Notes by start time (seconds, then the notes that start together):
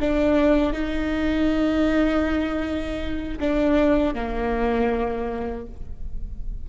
0.00 D4
0.72 D#4
3.40 D4
4.14 A#3